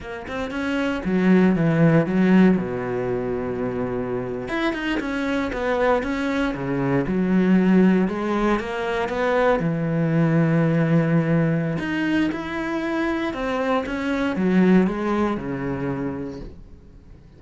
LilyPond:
\new Staff \with { instrumentName = "cello" } { \time 4/4 \tempo 4 = 117 ais8 c'8 cis'4 fis4 e4 | fis4 b,2.~ | b,8. e'8 dis'8 cis'4 b4 cis'16~ | cis'8. cis4 fis2 gis16~ |
gis8. ais4 b4 e4~ e16~ | e2. dis'4 | e'2 c'4 cis'4 | fis4 gis4 cis2 | }